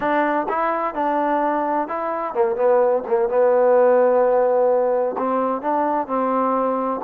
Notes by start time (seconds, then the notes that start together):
0.00 D4
0.48 E4
0.94 D4
1.87 E4
2.34 A#3
2.55 B3
3.07 A#3
3.28 B3
5.18 C4
5.61 D4
6.07 C4